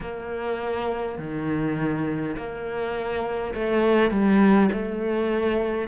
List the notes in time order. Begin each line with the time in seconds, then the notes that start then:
0.01 A#3
1.18 D#3
2.36 A#3
3.54 A3
4.11 G3
4.72 A3